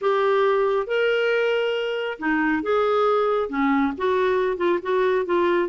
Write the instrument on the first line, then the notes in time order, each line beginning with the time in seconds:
clarinet
0.01 G4
0.87 A#4
2.19 D#4
2.62 G#4
3.49 C#4
3.97 F#4
4.57 F4
4.82 F#4
5.25 F4